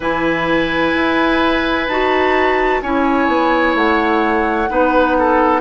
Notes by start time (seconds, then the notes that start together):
0.00 E3 E4 B4 G#5
0.94 E4
1.87 D#4 F#4 A5
2.81 C#4 E4 C#5 G#5
3.27 B3
3.74 A3 F#5
4.68 B3 D#4 B4
5.18 A4